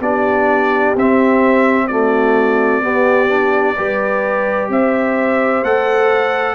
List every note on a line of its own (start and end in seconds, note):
0.00 0.94 B3
0.00 0.96 D4
0.00 1.88 G4
0.00 0.96 D5
0.96 2.82 C4
0.96 1.90 C4
0.96 1.87 E5
1.87 2.82 A3
1.87 2.83 F#4
1.87 4.69 D5
2.82 3.29 B3
2.82 3.76 B3
2.82 3.76 G4
3.29 3.75 D4
3.77 4.69 G3
3.77 5.64 G4
3.77 4.71 B4
4.69 5.63 C4
4.69 6.55 C5
4.69 5.64 E5
5.63 6.55 A3
5.63 6.55 A4
5.63 6.55 F#5